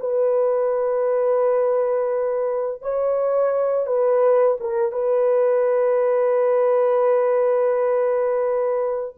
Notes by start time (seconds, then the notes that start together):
0.00 B4
2.82 C#5
3.87 B4
4.60 A#4
4.92 B4